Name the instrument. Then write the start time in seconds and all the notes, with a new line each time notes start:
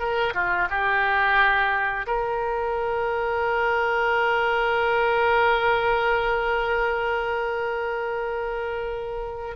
oboe
0.00 A#4
0.35 F4
0.70 G4
2.07 A#4